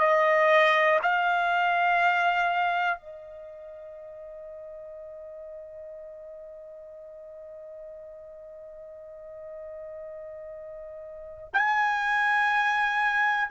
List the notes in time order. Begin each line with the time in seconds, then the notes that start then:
0.00 D#5
1.03 F5
2.98 D#5
11.54 G#5